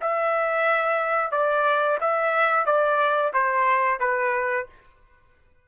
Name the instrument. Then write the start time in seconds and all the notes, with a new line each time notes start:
trumpet
0.00 E5
1.31 D5
2.00 E5
2.65 D5
3.33 C5
4.00 B4